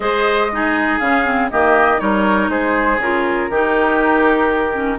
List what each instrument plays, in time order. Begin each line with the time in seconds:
0.00 bassoon G#3, clarinet G#4, oboe C5, flute D#5
0.52 clarinet D#4, oboe G#4
0.99 bassoon C#3, clarinet C#4, flute F5
1.25 clarinet C4
1.50 bassoon D#3, clarinet A#3, oboe G4, flute D#5
1.97 bassoon G3, clarinet D#4, oboe A#4, flute C#5
2.49 bassoon G#3, oboe G#4, flute C5
2.98 bassoon C#3, clarinet F4, flute A#4
3.49 bassoon D#3, clarinet D#4, oboe G4
4.73 clarinet C#4